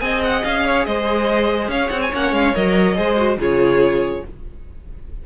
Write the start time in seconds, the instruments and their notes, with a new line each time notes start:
0.00 cello C4, viola G#4, violin D#5 G#5
0.24 violin F#5
0.44 cello C#4, violin F5
0.66 violin C#5
0.85 cello G#3, violin C5 D#5
1.68 cello C#4, violin C#5 F5
1.89 cello C4, violin F#5
2.02 violin G#5
2.13 cello A#3, viola C#4, violin F#5
2.32 cello G#3, violin F5
2.55 cello F#3, viola A#4, violin D#5
2.95 cello G#3, viola G#4, violin C5
3.17 viola F#4
3.38 cello C#3, viola F4, violin G#4 C#5